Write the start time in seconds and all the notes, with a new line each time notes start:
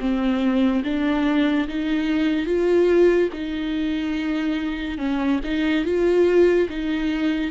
0.00 C4
0.84 D4
1.68 D#4
2.47 F4
3.33 D#4
4.98 C#4
5.44 D#4
5.85 F4
6.69 D#4